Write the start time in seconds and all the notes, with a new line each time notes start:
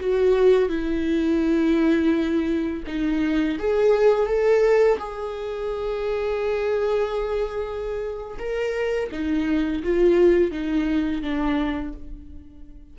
0.00 F#4
0.69 E4
2.87 D#4
3.59 G#4
4.27 A4
4.98 G#4
8.39 A#4
9.11 D#4
9.83 F4
10.51 D#4
11.22 D4